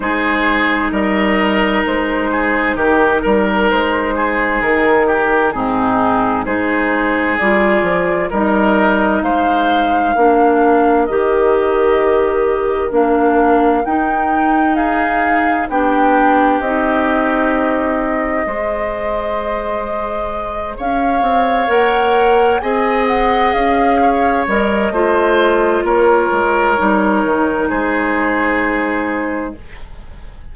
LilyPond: <<
  \new Staff \with { instrumentName = "flute" } { \time 4/4 \tempo 4 = 65 c''4 dis''4 c''4 ais'4 | c''4 ais'4 gis'4 c''4 | d''4 dis''4 f''2 | dis''2 f''4 g''4 |
f''4 g''4 dis''2~ | dis''2~ dis''8 f''4 fis''8~ | fis''8 gis''8 fis''8 f''4 dis''4. | cis''2 c''2 | }
  \new Staff \with { instrumentName = "oboe" } { \time 4/4 gis'4 ais'4. gis'8 g'8 ais'8~ | ais'8 gis'4 g'8 dis'4 gis'4~ | gis'4 ais'4 c''4 ais'4~ | ais'1 |
gis'4 g'2. | c''2~ c''8 cis''4.~ | cis''8 dis''4. cis''4 c''4 | ais'2 gis'2 | }
  \new Staff \with { instrumentName = "clarinet" } { \time 4/4 dis'1~ | dis'2 c'4 dis'4 | f'4 dis'2 d'4 | g'2 d'4 dis'4~ |
dis'4 d'4 dis'2 | gis'2.~ gis'8 ais'8~ | ais'8 gis'2 ais'8 f'4~ | f'4 dis'2. | }
  \new Staff \with { instrumentName = "bassoon" } { \time 4/4 gis4 g4 gis4 dis8 g8 | gis4 dis4 gis,4 gis4 | g8 f8 g4 gis4 ais4 | dis2 ais4 dis'4~ |
dis'4 b4 c'2 | gis2~ gis8 cis'8 c'8 ais8~ | ais8 c'4 cis'4 g8 a4 | ais8 gis8 g8 dis8 gis2 | }
>>